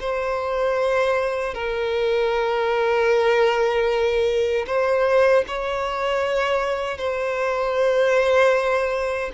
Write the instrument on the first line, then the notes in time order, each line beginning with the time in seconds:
violin
0.00 C5
1.54 A#4
4.67 C5
5.47 C#5
6.97 C5